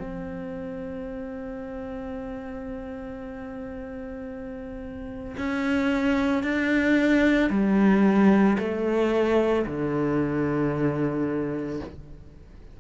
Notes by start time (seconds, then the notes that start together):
0.00 C4
5.37 C#4
6.43 D4
7.50 G3
8.59 A3
9.66 D3